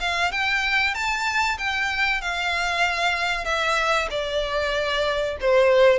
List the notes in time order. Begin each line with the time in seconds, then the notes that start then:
0.00 F5
0.32 G5
0.94 A5
1.58 G5
2.21 F5
3.45 E5
4.10 D5
5.41 C5